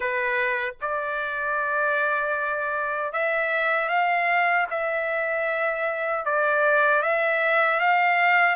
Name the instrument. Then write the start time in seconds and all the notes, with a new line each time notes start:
trumpet
0.00 B4
0.81 D5
3.12 E5
3.88 F5
4.70 E5
6.25 D5
7.02 E5
7.80 F5